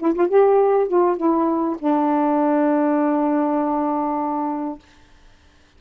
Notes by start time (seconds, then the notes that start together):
0.00 E4
0.15 F4
0.29 G4
0.88 F4
1.17 E4
1.79 D4